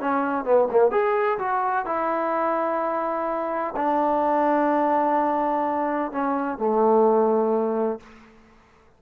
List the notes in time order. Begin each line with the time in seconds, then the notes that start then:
0.00 C#4
0.44 B3
0.71 A#3
0.91 G#4
1.38 F#4
1.86 E4
3.76 D4
6.12 C#4
6.58 A3